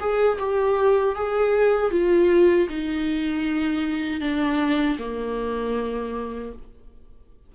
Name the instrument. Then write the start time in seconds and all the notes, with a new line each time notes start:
viola
0.00 G#4
0.39 G4
1.15 G#4
1.91 F4
2.69 D#4
4.21 D4
4.99 A#3